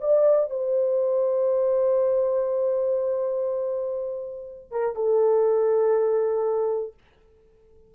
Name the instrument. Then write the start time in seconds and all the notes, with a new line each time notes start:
horn
0.00 D5
0.50 C5
4.71 A#4
4.95 A4